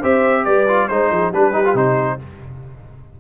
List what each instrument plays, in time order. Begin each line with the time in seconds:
0.00 tuba C4, trombone G4, horn C5, trumpet E5
0.45 tuba G3, horn B4, trumpet D5
0.68 trombone F4
0.88 tuba G#3, trombone D#4, trumpet C5, horn C5
1.11 tuba F3, horn G#4
1.30 tuba G3, trombone D4, horn G4, trumpet B4
1.53 trombone D#4
1.65 trombone F4
1.74 tuba C3, trombone D#4, trumpet C5